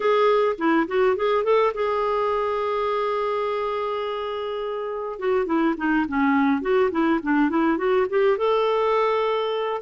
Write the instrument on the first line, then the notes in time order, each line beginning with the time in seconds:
clarinet
0.00 G#4
0.57 E4
0.87 F#4
1.16 G#4
1.43 A4
1.73 G#4
5.19 F#4
5.46 E4
5.77 D#4
6.07 C#4
6.61 F#4
6.91 E4
7.22 D4
7.49 E4
7.77 F#4
8.09 G4
8.37 A4